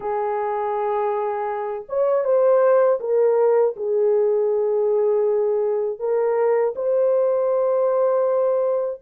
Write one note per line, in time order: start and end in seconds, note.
0.00 1.85 G#4
1.88 2.24 C#5
2.24 2.99 C5
3.00 3.75 A#4
3.76 5.99 G#4
5.99 6.74 A#4
6.75 9.00 C5